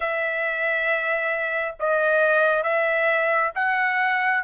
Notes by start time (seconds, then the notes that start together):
0.00 E5
1.79 D#5
2.63 E5
3.55 F#5